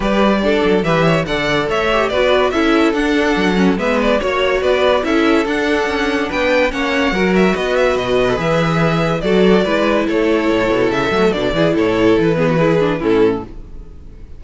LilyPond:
<<
  \new Staff \with { instrumentName = "violin" } { \time 4/4 \tempo 4 = 143 d''2 e''4 fis''4 | e''4 d''4 e''4 fis''4~ | fis''4 e''8 d''8 cis''4 d''4 | e''4 fis''2 g''4 |
fis''4. e''8 dis''8 e''8 dis''4 | e''2 d''2 | cis''2 e''4 d''4 | cis''4 b'2 a'4 | }
  \new Staff \with { instrumentName = "violin" } { \time 4/4 b'4 a'4 b'8 cis''8 d''4 | cis''4 b'4 a'2~ | a'4 b'4 cis''4 b'4 | a'2. b'4 |
cis''4 ais'4 b'2~ | b'2 a'4 b'4 | a'2.~ a'8 gis'8 | a'4. gis'16 fis'16 gis'4 e'4 | }
  \new Staff \with { instrumentName = "viola" } { \time 4/4 g'4 d'4 g'4 a'4~ | a'8 g'8 fis'4 e'4 d'4~ | d'8 cis'8 b4 fis'2 | e'4 d'2. |
cis'4 fis'2~ fis'8. a'16 | gis'2 fis'4 e'4~ | e'2~ e'8 a8 d'8 e'8~ | e'4. b8 e'8 d'8 cis'4 | }
  \new Staff \with { instrumentName = "cello" } { \time 4/4 g4. fis8 e4 d4 | a4 b4 cis'4 d'4 | fis4 gis4 ais4 b4 | cis'4 d'4 cis'4 b4 |
ais4 fis4 b4 b,4 | e2 fis4 gis4 | a4 a,8 b,8 cis8 fis8 b,8 e8 | a,4 e2 a,4 | }
>>